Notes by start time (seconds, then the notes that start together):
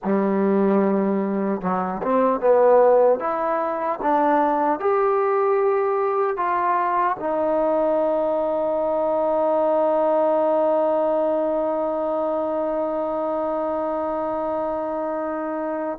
0.04 G3
1.61 F#3
2.02 C4
2.40 B3
3.19 E4
4.02 D4
4.79 G4
6.36 F4
7.19 D#4